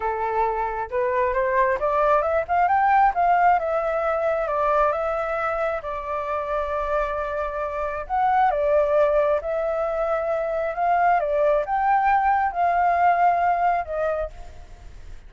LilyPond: \new Staff \with { instrumentName = "flute" } { \time 4/4 \tempo 4 = 134 a'2 b'4 c''4 | d''4 e''8 f''8 g''4 f''4 | e''2 d''4 e''4~ | e''4 d''2.~ |
d''2 fis''4 d''4~ | d''4 e''2. | f''4 d''4 g''2 | f''2. dis''4 | }